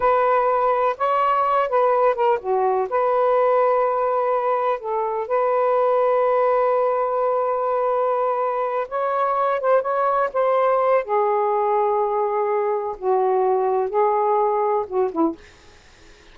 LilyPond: \new Staff \with { instrumentName = "saxophone" } { \time 4/4 \tempo 4 = 125 b'2 cis''4. b'8~ | b'8 ais'8 fis'4 b'2~ | b'2 a'4 b'4~ | b'1~ |
b'2~ b'8 cis''4. | c''8 cis''4 c''4. gis'4~ | gis'2. fis'4~ | fis'4 gis'2 fis'8 e'8 | }